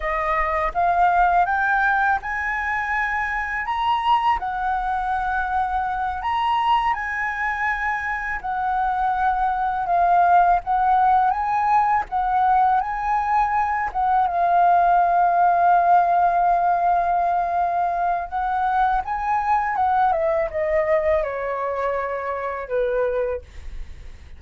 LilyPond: \new Staff \with { instrumentName = "flute" } { \time 4/4 \tempo 4 = 82 dis''4 f''4 g''4 gis''4~ | gis''4 ais''4 fis''2~ | fis''8 ais''4 gis''2 fis''8~ | fis''4. f''4 fis''4 gis''8~ |
gis''8 fis''4 gis''4. fis''8 f''8~ | f''1~ | f''4 fis''4 gis''4 fis''8 e''8 | dis''4 cis''2 b'4 | }